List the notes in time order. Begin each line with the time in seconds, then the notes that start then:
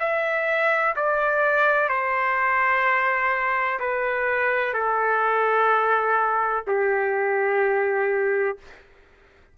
0.00 E5
0.97 D5
1.89 C5
3.80 B4
4.74 A4
6.68 G4